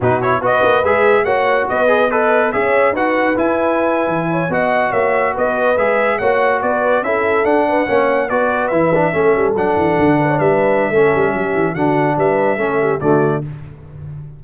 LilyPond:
<<
  \new Staff \with { instrumentName = "trumpet" } { \time 4/4 \tempo 4 = 143 b'8 cis''8 dis''4 e''4 fis''4 | dis''4 b'4 e''4 fis''4 | gis''2~ gis''8. fis''4 e''16~ | e''8. dis''4 e''4 fis''4 d''16~ |
d''8. e''4 fis''2 d''16~ | d''8. e''2 fis''4~ fis''16~ | fis''8. e''2.~ e''16 | fis''4 e''2 d''4 | }
  \new Staff \with { instrumentName = "horn" } { \time 4/4 fis'4 b'2 cis''4 | b'4 dis''4 cis''4 b'4~ | b'2~ b'16 cis''8 dis''4 cis''16~ | cis''8. b'2 cis''4 b'16~ |
b'8. a'4. b'8 cis''4 b'16~ | b'4.~ b'16 a'2~ a'16~ | a'16 b'16 cis''16 b'4~ b'16 a'4 g'4 | fis'4 b'4 a'8 g'8 fis'4 | }
  \new Staff \with { instrumentName = "trombone" } { \time 4/4 dis'8 e'8 fis'4 gis'4 fis'4~ | fis'8 gis'8 a'4 gis'4 fis'4 | e'2~ e'8. fis'4~ fis'16~ | fis'4.~ fis'16 gis'4 fis'4~ fis'16~ |
fis'8. e'4 d'4 cis'4 fis'16~ | fis'8. e'8 d'8 cis'4 d'4~ d'16~ | d'2 cis'2 | d'2 cis'4 a4 | }
  \new Staff \with { instrumentName = "tuba" } { \time 4/4 b,4 b8 ais8 gis4 ais4 | b2 cis'4 dis'4 | e'4.~ e'16 e4 b4 ais16~ | ais8. b4 gis4 ais4 b16~ |
b8. cis'4 d'4 ais4 b16~ | b8. e4 a8 g8 fis8 e8 d16~ | d8. g4~ g16 a8 g8 fis8 e8 | d4 g4 a4 d4 | }
>>